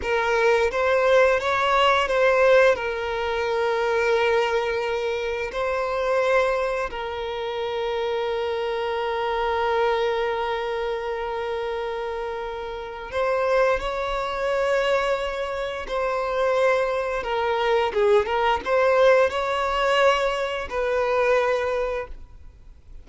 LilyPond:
\new Staff \with { instrumentName = "violin" } { \time 4/4 \tempo 4 = 87 ais'4 c''4 cis''4 c''4 | ais'1 | c''2 ais'2~ | ais'1~ |
ais'2. c''4 | cis''2. c''4~ | c''4 ais'4 gis'8 ais'8 c''4 | cis''2 b'2 | }